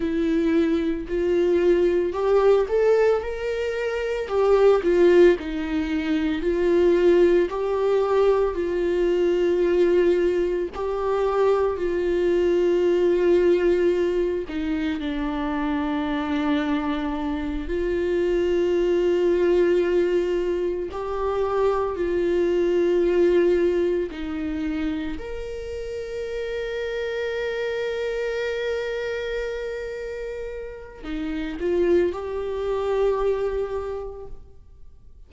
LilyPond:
\new Staff \with { instrumentName = "viola" } { \time 4/4 \tempo 4 = 56 e'4 f'4 g'8 a'8 ais'4 | g'8 f'8 dis'4 f'4 g'4 | f'2 g'4 f'4~ | f'4. dis'8 d'2~ |
d'8 f'2. g'8~ | g'8 f'2 dis'4 ais'8~ | ais'1~ | ais'4 dis'8 f'8 g'2 | }